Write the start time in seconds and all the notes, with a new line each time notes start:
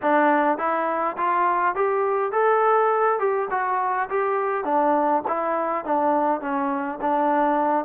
0.02 D4
0.58 E4
1.17 F4
1.75 G4
2.32 A4
3.19 G4
3.50 F#4
4.09 G4
4.64 D4
5.27 E4
5.85 D4
6.40 C#4
7.01 D4